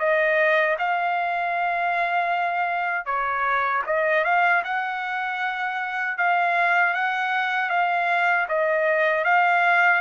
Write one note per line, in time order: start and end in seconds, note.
0.00 0.77 D#5
0.79 3.06 F5
3.06 3.83 C#5
3.87 4.24 D#5
4.24 4.63 F5
4.64 6.18 F#5
6.18 6.94 F5
6.94 7.70 F#5
7.70 8.47 F5
8.49 9.24 D#5
9.24 10.01 F5